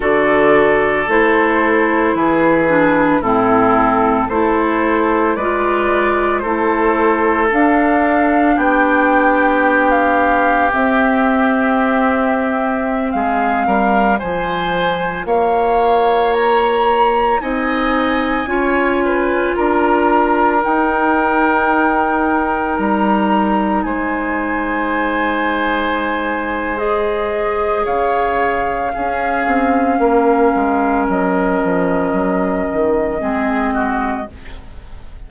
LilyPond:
<<
  \new Staff \with { instrumentName = "flute" } { \time 4/4 \tempo 4 = 56 d''4 c''4 b'4 a'4 | c''4 d''4 c''4 f''4 | g''4~ g''16 f''8. e''2~ | e''16 f''4 gis''4 f''4 ais''8.~ |
ais''16 gis''2 ais''4 g''8.~ | g''4~ g''16 ais''4 gis''4.~ gis''16~ | gis''4 dis''4 f''2~ | f''4 dis''2. | }
  \new Staff \with { instrumentName = "oboe" } { \time 4/4 a'2 gis'4 e'4 | a'4 b'4 a'2 | g'1~ | g'16 gis'8 ais'8 c''4 cis''4.~ cis''16~ |
cis''16 dis''4 cis''8 b'8 ais'4.~ ais'16~ | ais'2~ ais'16 c''4.~ c''16~ | c''2 cis''4 gis'4 | ais'2. gis'8 fis'8 | }
  \new Staff \with { instrumentName = "clarinet" } { \time 4/4 fis'4 e'4. d'8 c'4 | e'4 f'4 e'4 d'4~ | d'2 c'2~ | c'4~ c'16 f'2~ f'8.~ |
f'16 dis'4 f'2 dis'8.~ | dis'1~ | dis'4 gis'2 cis'4~ | cis'2. c'4 | }
  \new Staff \with { instrumentName = "bassoon" } { \time 4/4 d4 a4 e4 a,4 | a4 gis4 a4 d'4 | b2 c'2~ | c'16 gis8 g8 f4 ais4.~ ais16~ |
ais16 c'4 cis'4 d'4 dis'8.~ | dis'4~ dis'16 g4 gis4.~ gis16~ | gis2 cis4 cis'8 c'8 | ais8 gis8 fis8 f8 fis8 dis8 gis4 | }
>>